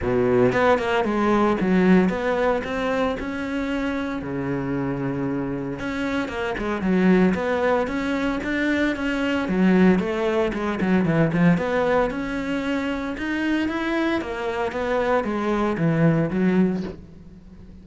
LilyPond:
\new Staff \with { instrumentName = "cello" } { \time 4/4 \tempo 4 = 114 b,4 b8 ais8 gis4 fis4 | b4 c'4 cis'2 | cis2. cis'4 | ais8 gis8 fis4 b4 cis'4 |
d'4 cis'4 fis4 a4 | gis8 fis8 e8 f8 b4 cis'4~ | cis'4 dis'4 e'4 ais4 | b4 gis4 e4 fis4 | }